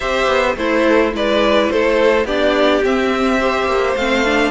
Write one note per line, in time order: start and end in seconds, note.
0.00 0.27 C4
0.00 0.57 G4
0.00 0.56 C5
0.00 0.56 E5
0.27 0.55 B3
0.56 1.12 A3
0.56 1.14 E4
0.56 1.11 A4
0.56 1.13 C5
1.11 1.69 G#3
1.11 2.24 E4
1.11 1.72 B4
1.11 1.69 D5
1.69 2.24 A3
1.69 2.25 A4
1.69 2.26 C5
2.24 2.81 B3
2.24 2.83 D4
2.24 3.39 G4
2.24 2.83 D5
2.84 3.40 C4
2.84 3.66 C4
2.84 3.95 E5
3.40 3.96 G4
3.40 4.50 C5
3.66 3.94 A#3
3.95 4.50 A3
3.95 4.24 C4
3.95 4.50 F5
4.24 4.50 D4